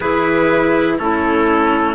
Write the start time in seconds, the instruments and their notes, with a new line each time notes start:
0.00 bassoon E3, cello E4, clarinet G#4, trumpet B4
0.99 bassoon A3, cello C#4, clarinet E4, trumpet A4